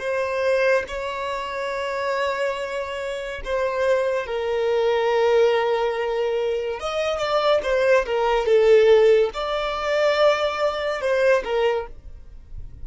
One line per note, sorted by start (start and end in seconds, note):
0.00 0.85 C5
0.88 3.42 C#5
3.45 4.27 C5
4.27 6.80 A#4
6.80 7.19 D#5
7.19 7.61 D5
7.64 8.06 C5
8.06 8.46 A#4
8.46 9.31 A4
9.34 11.02 D5
11.02 11.44 C5
11.45 11.87 A#4